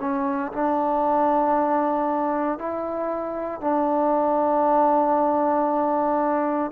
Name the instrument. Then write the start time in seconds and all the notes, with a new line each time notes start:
trombone
0.00 C#4
0.52 D4
2.58 E4
3.61 D4